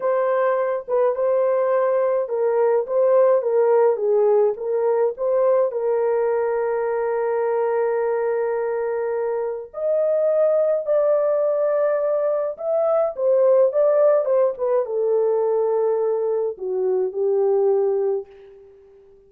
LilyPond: \new Staff \with { instrumentName = "horn" } { \time 4/4 \tempo 4 = 105 c''4. b'8 c''2 | ais'4 c''4 ais'4 gis'4 | ais'4 c''4 ais'2~ | ais'1~ |
ais'4 dis''2 d''4~ | d''2 e''4 c''4 | d''4 c''8 b'8 a'2~ | a'4 fis'4 g'2 | }